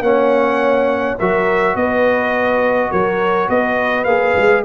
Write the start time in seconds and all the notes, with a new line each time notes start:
0.00 A#3 C#4 C#5 F#5
1.18 F#3 F#4 A#4 E5
1.75 B3 B4 D#5
2.91 F#3 A#4 C#5
3.48 B3 B4 D#5
4.04 A#3 G#4 F5
4.36 G#3